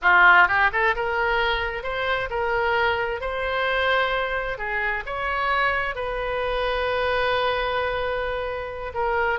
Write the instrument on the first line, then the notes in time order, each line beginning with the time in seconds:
oboe
0.02 F4
0.47 G4
0.72 A4
0.95 A#4
1.83 C5
2.29 A#4
3.20 C5
4.58 G#4
5.06 C#5
5.95 B4
8.94 A#4